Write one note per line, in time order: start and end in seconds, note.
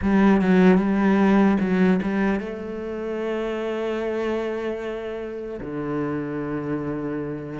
0.02 0.41 G3
0.41 0.77 F#3
0.77 1.57 G3
1.60 2.00 F#3
2.02 2.40 G3
2.40 5.60 A3
5.60 7.59 D3